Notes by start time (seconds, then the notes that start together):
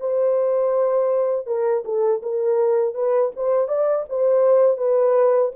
0.00 C5
1.46 A#4
1.85 A4
2.22 A#4
2.94 B4
3.36 C5
3.68 D5
4.09 C5
4.77 B4